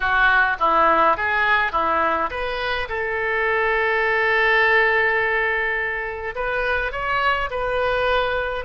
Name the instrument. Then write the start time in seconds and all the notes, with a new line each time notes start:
oboe
0.00 F#4
0.59 E4
1.16 G#4
1.72 E4
2.30 B4
2.88 A4
6.35 B4
6.92 C#5
7.50 B4